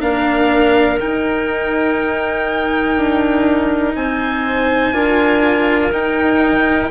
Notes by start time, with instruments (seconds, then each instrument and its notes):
0.00 bassoon A#3, cello D4, clarinet A#4, violin F5
1.00 cello D#4, bassoon D#4, violin G5
2.96 bassoon D4
3.95 bassoon C4, clarinet C5, violin G#5
4.92 bassoon D4, cello F4, clarinet A#4
5.92 cello D#4, bassoon D#4, violin G5